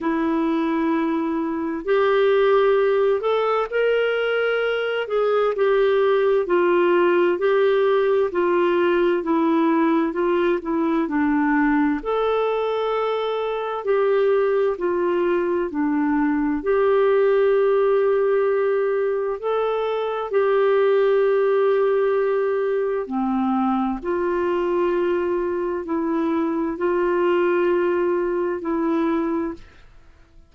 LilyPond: \new Staff \with { instrumentName = "clarinet" } { \time 4/4 \tempo 4 = 65 e'2 g'4. a'8 | ais'4. gis'8 g'4 f'4 | g'4 f'4 e'4 f'8 e'8 | d'4 a'2 g'4 |
f'4 d'4 g'2~ | g'4 a'4 g'2~ | g'4 c'4 f'2 | e'4 f'2 e'4 | }